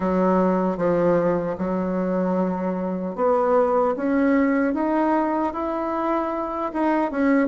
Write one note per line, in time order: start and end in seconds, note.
0.00 0.77 F#3
0.77 1.56 F3
1.58 3.15 F#3
3.15 3.94 B3
3.96 4.74 C#4
4.74 5.53 D#4
5.53 6.71 E4
6.73 7.11 D#4
7.11 7.47 C#4